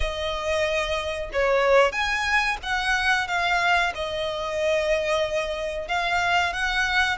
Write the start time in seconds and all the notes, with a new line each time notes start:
0.00 D#5
1.33 C#5
1.92 G#5
2.62 F#5
3.27 F5
3.95 D#5
5.88 F5
6.53 F#5